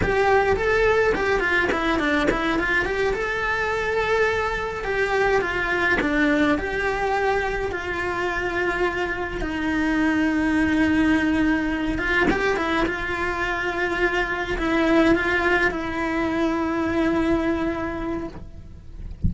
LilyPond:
\new Staff \with { instrumentName = "cello" } { \time 4/4 \tempo 4 = 105 g'4 a'4 g'8 f'8 e'8 d'8 | e'8 f'8 g'8 a'2~ a'8~ | a'8 g'4 f'4 d'4 g'8~ | g'4. f'2~ f'8~ |
f'8 dis'2.~ dis'8~ | dis'4 f'8 g'8 e'8 f'4.~ | f'4. e'4 f'4 e'8~ | e'1 | }